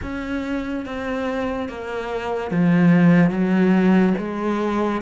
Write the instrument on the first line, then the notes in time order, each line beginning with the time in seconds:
cello
0.02 C#4
0.85 C4
1.69 A#3
2.50 F3
3.30 F#3
4.18 G#3